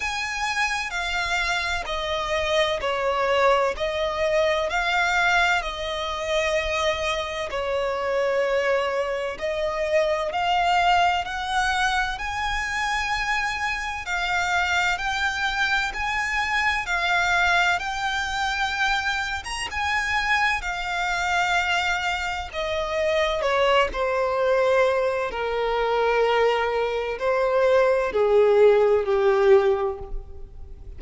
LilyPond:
\new Staff \with { instrumentName = "violin" } { \time 4/4 \tempo 4 = 64 gis''4 f''4 dis''4 cis''4 | dis''4 f''4 dis''2 | cis''2 dis''4 f''4 | fis''4 gis''2 f''4 |
g''4 gis''4 f''4 g''4~ | g''8. ais''16 gis''4 f''2 | dis''4 cis''8 c''4. ais'4~ | ais'4 c''4 gis'4 g'4 | }